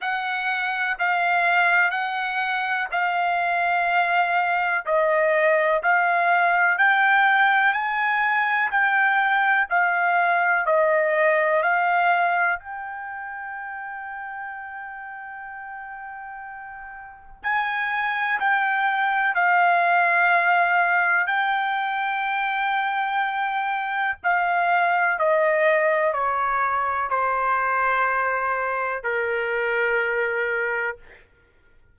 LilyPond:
\new Staff \with { instrumentName = "trumpet" } { \time 4/4 \tempo 4 = 62 fis''4 f''4 fis''4 f''4~ | f''4 dis''4 f''4 g''4 | gis''4 g''4 f''4 dis''4 | f''4 g''2.~ |
g''2 gis''4 g''4 | f''2 g''2~ | g''4 f''4 dis''4 cis''4 | c''2 ais'2 | }